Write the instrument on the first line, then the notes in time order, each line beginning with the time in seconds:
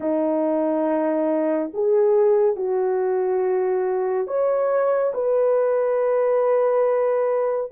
horn
0.00 D#4
1.73 G#4
2.56 F#4
4.27 C#5
5.14 B4